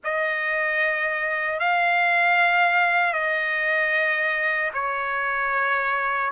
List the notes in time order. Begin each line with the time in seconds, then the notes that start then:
0.04 D#5
1.59 F5
3.13 D#5
4.73 C#5